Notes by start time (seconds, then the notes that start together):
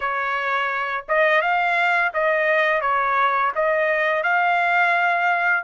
0.00 C#5
1.08 D#5
1.41 F5
2.13 D#5
2.81 C#5
3.55 D#5
4.23 F5